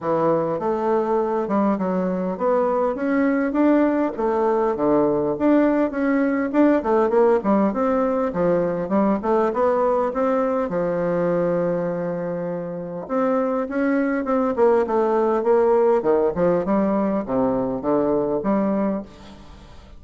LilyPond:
\new Staff \with { instrumentName = "bassoon" } { \time 4/4 \tempo 4 = 101 e4 a4. g8 fis4 | b4 cis'4 d'4 a4 | d4 d'4 cis'4 d'8 a8 | ais8 g8 c'4 f4 g8 a8 |
b4 c'4 f2~ | f2 c'4 cis'4 | c'8 ais8 a4 ais4 dis8 f8 | g4 c4 d4 g4 | }